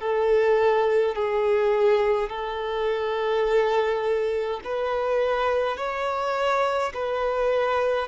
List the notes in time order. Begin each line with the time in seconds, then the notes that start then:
0.00 A4
1.15 G#4
2.30 A4
4.64 B4
5.77 C#5
6.94 B4